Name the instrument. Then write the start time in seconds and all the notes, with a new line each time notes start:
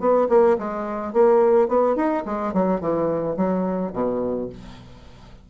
bassoon
0.00 B3
0.29 A#3
0.58 G#3
1.13 A#3
1.68 B3
1.96 D#4
2.26 G#3
2.54 F#3
2.81 E3
3.37 F#3
3.94 B2